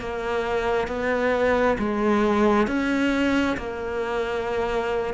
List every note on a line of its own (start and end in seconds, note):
0.00 0.88 A#3
0.88 1.77 B3
1.79 2.68 G#3
2.68 3.57 C#4
3.58 5.15 A#3